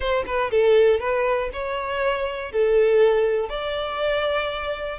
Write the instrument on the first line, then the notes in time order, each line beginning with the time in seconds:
violin
0.00 C5
0.26 B4
0.50 A4
1.00 B4
1.52 C#5
2.52 A4
3.49 D5